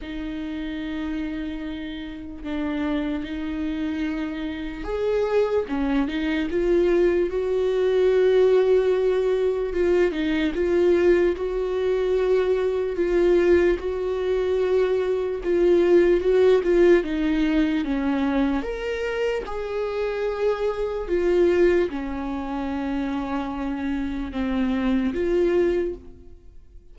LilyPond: \new Staff \with { instrumentName = "viola" } { \time 4/4 \tempo 4 = 74 dis'2. d'4 | dis'2 gis'4 cis'8 dis'8 | f'4 fis'2. | f'8 dis'8 f'4 fis'2 |
f'4 fis'2 f'4 | fis'8 f'8 dis'4 cis'4 ais'4 | gis'2 f'4 cis'4~ | cis'2 c'4 f'4 | }